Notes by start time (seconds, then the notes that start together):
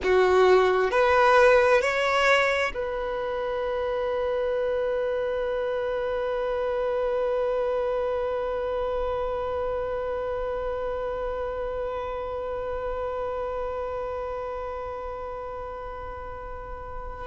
0.03 F#4
0.90 B4
1.81 C#5
2.74 B4